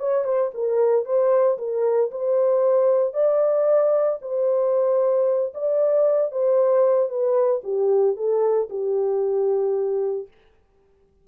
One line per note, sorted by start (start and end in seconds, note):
0.00 0.25 C#5
0.25 0.51 C5
0.54 1.06 A#4
1.06 1.58 C5
1.59 2.11 A#4
2.11 3.14 C5
3.14 4.19 D5
4.22 5.54 C5
5.54 6.32 D5
6.32 7.10 C5
7.10 7.62 B4
7.64 8.17 G4
8.17 8.69 A4
8.70 10.28 G4